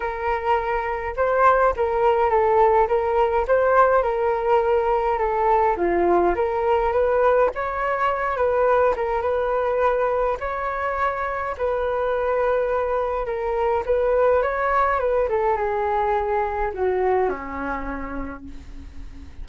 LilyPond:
\new Staff \with { instrumentName = "flute" } { \time 4/4 \tempo 4 = 104 ais'2 c''4 ais'4 | a'4 ais'4 c''4 ais'4~ | ais'4 a'4 f'4 ais'4 | b'4 cis''4. b'4 ais'8 |
b'2 cis''2 | b'2. ais'4 | b'4 cis''4 b'8 a'8 gis'4~ | gis'4 fis'4 cis'2 | }